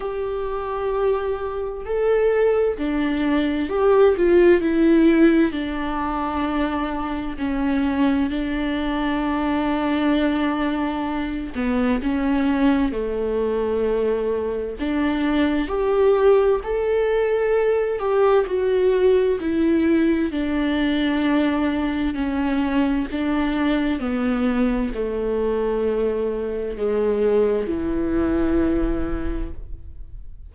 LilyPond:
\new Staff \with { instrumentName = "viola" } { \time 4/4 \tempo 4 = 65 g'2 a'4 d'4 | g'8 f'8 e'4 d'2 | cis'4 d'2.~ | d'8 b8 cis'4 a2 |
d'4 g'4 a'4. g'8 | fis'4 e'4 d'2 | cis'4 d'4 b4 a4~ | a4 gis4 e2 | }